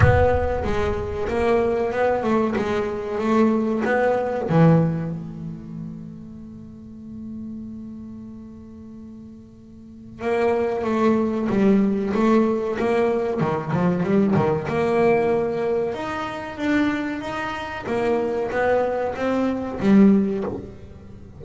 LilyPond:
\new Staff \with { instrumentName = "double bass" } { \time 4/4 \tempo 4 = 94 b4 gis4 ais4 b8 a8 | gis4 a4 b4 e4 | a1~ | a1 |
ais4 a4 g4 a4 | ais4 dis8 f8 g8 dis8 ais4~ | ais4 dis'4 d'4 dis'4 | ais4 b4 c'4 g4 | }